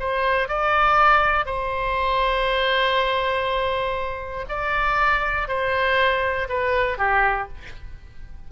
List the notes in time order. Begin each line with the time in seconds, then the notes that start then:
0.00 C5
0.49 D5
1.46 C5
4.49 D5
5.48 C5
6.49 B4
6.98 G4